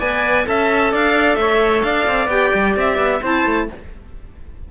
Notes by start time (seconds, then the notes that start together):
0.00 B3 B4 D5 G#5
0.46 C#4 A4 E5 A5
0.92 D4 D5 F5
1.36 A3 C#5 E5
1.83 D4 D5 F5
2.07 C4
2.28 B3 G4 G5
2.55 G3
2.77 C4 E5
2.98 B3
3.22 C4 E4 C5 A5
3.46 A3